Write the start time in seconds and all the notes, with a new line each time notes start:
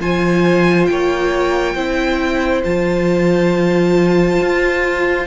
0.00 F3 F4 C5 G#5
0.86 A#3 C#5 G5
1.75 C4 E4 C5
2.64 F3 F4 A5
4.41 F4